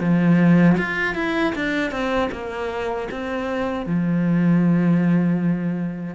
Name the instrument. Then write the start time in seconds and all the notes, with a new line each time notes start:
cello
0.00 F3
0.78 F4
1.15 E4
1.55 D4
1.91 C4
2.32 A#3
3.11 C4
3.86 F3